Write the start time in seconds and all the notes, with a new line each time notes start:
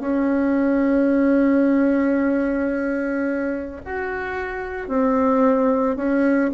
0.00 C#4
3.86 F#4
4.89 C4
5.96 C#4